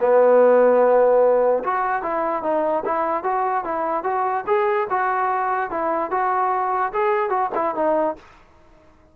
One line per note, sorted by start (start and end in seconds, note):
0.00 1.63 B3
1.64 2.03 F#4
2.03 2.43 E4
2.43 2.84 D#4
2.86 3.24 E4
3.24 3.65 F#4
3.65 4.04 E4
4.04 4.45 F#4
4.47 4.88 G#4
4.90 5.71 F#4
5.71 6.11 E4
6.11 6.92 F#4
6.93 7.30 G#4
7.30 7.50 F#4
7.55 7.75 E4
7.75 8.16 D#4